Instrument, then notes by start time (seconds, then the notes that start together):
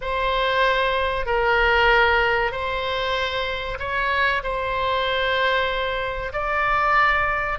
oboe
0.01 C5
1.26 A#4
2.51 C5
3.79 C#5
4.43 C5
6.32 D5